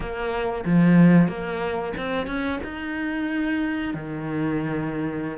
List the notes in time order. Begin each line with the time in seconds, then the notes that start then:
0.00 A#3
0.65 F3
1.28 A#3
1.97 C4
2.26 C#4
2.63 D#4
3.94 D#3